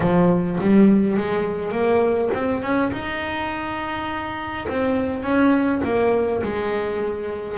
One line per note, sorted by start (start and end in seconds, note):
0.00 0.58 F3
0.60 1.17 G3
1.17 1.71 G#3
1.71 2.30 A#3
2.33 2.62 C4
2.62 2.91 C#4
2.92 4.67 D#4
4.68 5.22 C4
5.22 5.81 C#4
5.84 6.42 A#3
6.42 7.57 G#3